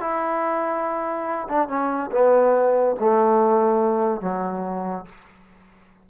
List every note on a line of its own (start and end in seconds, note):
0.00 1.48 E4
1.49 1.68 D4
1.68 2.10 C#4
2.11 2.96 B3
3.00 4.21 A3
4.21 5.05 F#3